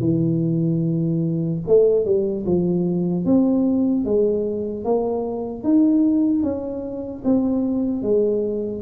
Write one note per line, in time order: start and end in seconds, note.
0.00 1.60 E3
1.68 2.05 A3
2.05 2.45 G3
2.46 3.25 F3
3.25 4.05 C4
4.05 4.85 G#3
4.85 5.64 A#3
5.64 6.43 D#4
6.43 7.23 C#4
7.25 8.03 C4
8.03 8.83 G#3